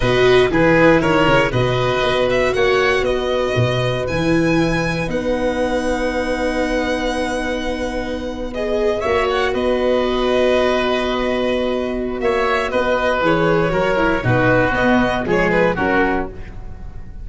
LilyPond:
<<
  \new Staff \with { instrumentName = "violin" } { \time 4/4 \tempo 4 = 118 dis''4 b'4 cis''4 dis''4~ | dis''8 e''8 fis''4 dis''2 | gis''2 fis''2~ | fis''1~ |
fis''8. dis''4 e''8 fis''8 dis''4~ dis''16~ | dis''1 | e''4 dis''4 cis''2 | b'4 dis''4 cis''8 b'8 ais'4 | }
  \new Staff \with { instrumentName = "oboe" } { \time 4/4 b'4 gis'4 ais'4 b'4~ | b'4 cis''4 b'2~ | b'1~ | b'1~ |
b'4.~ b'16 cis''4 b'4~ b'16~ | b'1 | cis''4 b'2 ais'4 | fis'2 gis'4 fis'4 | }
  \new Staff \with { instrumentName = "viola" } { \time 4/4 fis'4 e'2 fis'4~ | fis'1 | e'2 dis'2~ | dis'1~ |
dis'8. gis'4 fis'2~ fis'16~ | fis'1~ | fis'2 gis'4 fis'8 e'8 | dis'4 b4 gis4 cis'4 | }
  \new Staff \with { instrumentName = "tuba" } { \time 4/4 b,4 e4 dis8 cis8 b,4 | b4 ais4 b4 b,4 | e2 b2~ | b1~ |
b4.~ b16 ais4 b4~ b16~ | b1 | ais4 b4 e4 fis4 | b,4 b4 f4 fis4 | }
>>